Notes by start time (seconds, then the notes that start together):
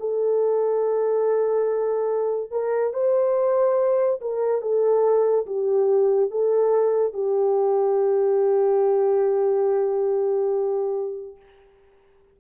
0.00 A4
2.52 A#4
2.94 C5
4.22 A#4
4.62 A4
5.47 G4
6.31 A4
7.14 G4